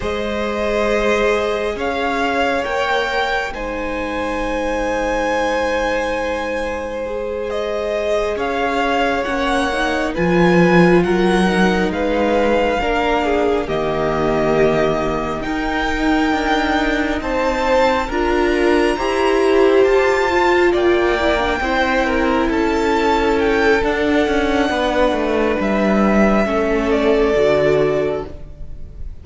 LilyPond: <<
  \new Staff \with { instrumentName = "violin" } { \time 4/4 \tempo 4 = 68 dis''2 f''4 g''4 | gis''1~ | gis''8 dis''4 f''4 fis''4 gis''8~ | gis''8 fis''4 f''2 dis''8~ |
dis''4. g''2 a''8~ | a''8 ais''2 a''4 g''8~ | g''4. a''4 g''8 fis''4~ | fis''4 e''4. d''4. | }
  \new Staff \with { instrumentName = "violin" } { \time 4/4 c''2 cis''2 | c''1~ | c''4. cis''2 b'8~ | b'8 ais'4 b'4 ais'8 gis'8 g'8~ |
g'4. ais'2 c''8~ | c''8 ais'4 c''2 d''8~ | d''8 c''8 ais'8 a'2~ a'8 | b'2 a'2 | }
  \new Staff \with { instrumentName = "viola" } { \time 4/4 gis'2. ais'4 | dis'1 | gis'2~ gis'8 cis'8 dis'8 f'8~ | f'4 dis'4. d'4 ais8~ |
ais4. dis'2~ dis'8~ | dis'8 f'4 g'4. f'4 | e'16 d'16 e'2~ e'8 d'4~ | d'2 cis'4 fis'4 | }
  \new Staff \with { instrumentName = "cello" } { \time 4/4 gis2 cis'4 ais4 | gis1~ | gis4. cis'4 ais4 f8~ | f8 fis4 gis4 ais4 dis8~ |
dis4. dis'4 d'4 c'8~ | c'8 d'4 e'4 f'4 ais8~ | ais8 c'4 cis'4. d'8 cis'8 | b8 a8 g4 a4 d4 | }
>>